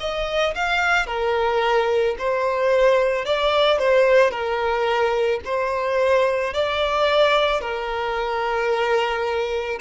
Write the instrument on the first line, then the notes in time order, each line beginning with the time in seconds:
violin
0.00 D#5
0.55 F5
1.07 A#4
2.19 C5
3.25 D5
3.79 C5
4.31 A#4
5.45 C5
6.54 D5
7.61 A#4